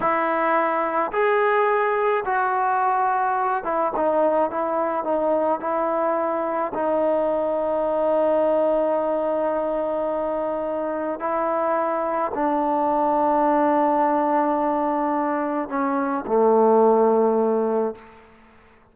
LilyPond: \new Staff \with { instrumentName = "trombone" } { \time 4/4 \tempo 4 = 107 e'2 gis'2 | fis'2~ fis'8 e'8 dis'4 | e'4 dis'4 e'2 | dis'1~ |
dis'1 | e'2 d'2~ | d'1 | cis'4 a2. | }